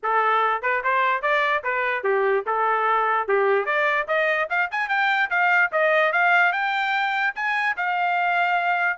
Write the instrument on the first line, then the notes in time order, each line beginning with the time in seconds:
trumpet
0.02 A4
0.62 B4
0.83 C5
1.22 D5
1.63 B4
2.03 G4
2.46 A4
3.28 G4
3.65 D5
4.07 D#5
4.49 F5
4.71 G#5
4.88 G5
5.29 F5
5.72 D#5
6.12 F5
6.52 G5
7.35 G#5
7.76 F5